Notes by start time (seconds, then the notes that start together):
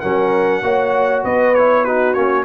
0.00 F#3 C#4 A#4 F#5
0.62 A#3 F#4 C#5
1.24 B3 B4 D#5
1.54 E4 C#5
1.84 D#4 F#4 B4
2.13 A#3 C#4 C#5